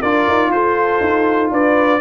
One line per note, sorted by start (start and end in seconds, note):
0.00 0.27 D4
0.00 2.00 F4
0.00 0.50 A#4
0.00 0.51 D5
0.28 0.49 D#4
0.49 0.99 F4
0.49 1.52 A4
0.49 1.50 C5
1.00 1.50 D#4
1.51 2.00 D4
1.51 2.00 B4
1.51 2.00 D5